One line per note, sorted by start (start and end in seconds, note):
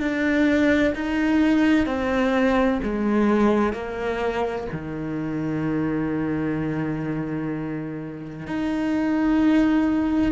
0.00 0.94 D4
0.95 1.87 D#4
1.87 2.80 C4
2.83 3.74 G#3
3.74 4.67 A#3
4.73 8.48 D#3
8.48 10.33 D#4